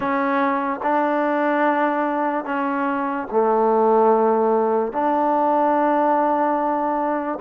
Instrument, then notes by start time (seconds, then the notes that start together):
trombone
0.00 C#4
0.83 D4
2.44 C#4
3.31 A3
4.92 D4